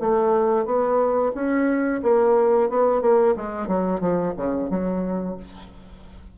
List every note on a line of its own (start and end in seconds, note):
0.00 0.66 A3
0.66 1.32 B3
1.35 2.02 C#4
2.03 2.70 A#3
2.70 3.02 B3
3.02 3.35 A#3
3.37 3.68 G#3
3.68 4.01 F#3
4.01 4.34 F3
4.37 4.70 C#3
4.70 5.37 F#3